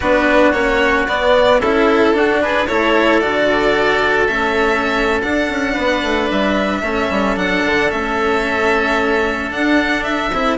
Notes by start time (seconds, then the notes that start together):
0.00 B3 D4 F#4 B4
0.52 A#3 C#4 C#5
1.07 B3 D5
1.59 C#4 E4 A4
2.14 D4 F#4
2.41 G#4 B4
2.67 A3 E4 A4 C#5
3.19 D3 F#4 D5
4.27 A3 C#4 E5
5.22 D4 F#5
5.49 C#4
5.73 B3 B4
6.02 A3
6.30 G3 E5
6.81 A3 C#4 A4
7.10 G3
7.35 F#3 D4 F#5
7.65 D3
7.90 A3 C#4 E5
9.51 D4 F#5
10.03 E5
10.32 C4 E4